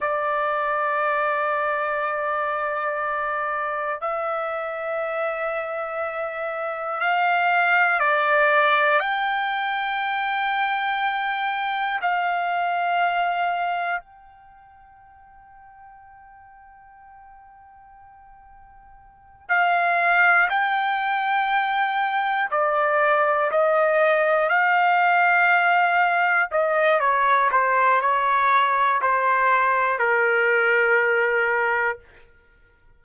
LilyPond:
\new Staff \with { instrumentName = "trumpet" } { \time 4/4 \tempo 4 = 60 d''1 | e''2. f''4 | d''4 g''2. | f''2 g''2~ |
g''2.~ g''8 f''8~ | f''8 g''2 d''4 dis''8~ | dis''8 f''2 dis''8 cis''8 c''8 | cis''4 c''4 ais'2 | }